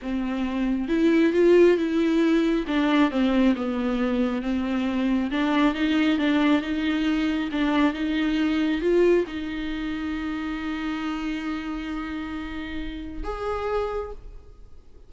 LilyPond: \new Staff \with { instrumentName = "viola" } { \time 4/4 \tempo 4 = 136 c'2 e'4 f'4 | e'2 d'4 c'4 | b2 c'2 | d'4 dis'4 d'4 dis'4~ |
dis'4 d'4 dis'2 | f'4 dis'2.~ | dis'1~ | dis'2 gis'2 | }